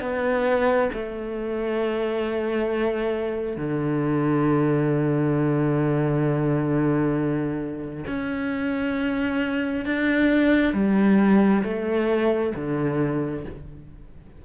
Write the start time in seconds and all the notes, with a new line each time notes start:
0.00 B3
0.93 A3
3.57 D3
8.07 C#4
9.85 D4
10.73 G3
11.63 A3
12.55 D3